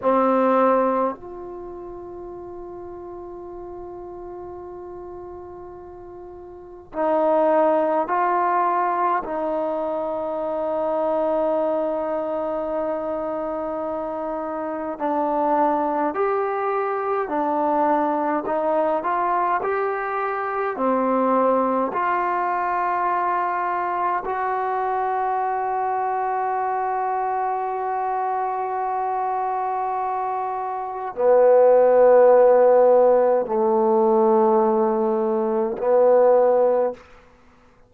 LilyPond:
\new Staff \with { instrumentName = "trombone" } { \time 4/4 \tempo 4 = 52 c'4 f'2.~ | f'2 dis'4 f'4 | dis'1~ | dis'4 d'4 g'4 d'4 |
dis'8 f'8 g'4 c'4 f'4~ | f'4 fis'2.~ | fis'2. b4~ | b4 a2 b4 | }